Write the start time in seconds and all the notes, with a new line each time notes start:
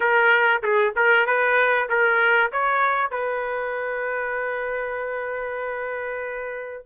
0.00 A#4
0.62 G#4
0.96 A#4
1.26 B4
1.89 A#4
2.51 C#5
3.11 B4